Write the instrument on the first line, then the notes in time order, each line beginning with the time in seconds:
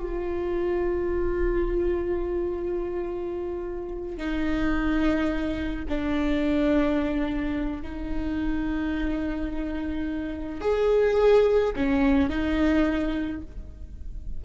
viola
0.00 F4
4.18 D#4
5.89 D4
7.82 D#4
10.62 G#4
11.76 C#4
12.30 D#4